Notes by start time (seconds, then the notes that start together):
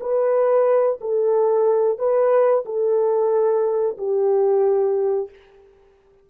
0.00 B4
1.00 A4
1.98 B4
2.65 A4
3.97 G4